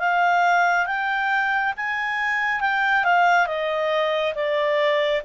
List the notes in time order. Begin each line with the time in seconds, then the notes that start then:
0.00 F5
0.87 G5
1.77 G#5
2.61 G5
3.04 F5
3.47 D#5
4.35 D5